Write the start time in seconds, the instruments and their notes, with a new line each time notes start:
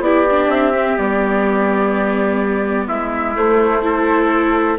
0.00 bassoon B3, viola E4, trumpet G4, flute D5
0.30 viola D4
0.48 bassoon C4, flute E5
0.74 viola C4
0.98 bassoon G3, viola B3, flute D5
2.88 bassoon G#3, trumpet E4, flute E5
3.35 viola A3, bassoon A3, flute C5
3.83 viola E4, trumpet A4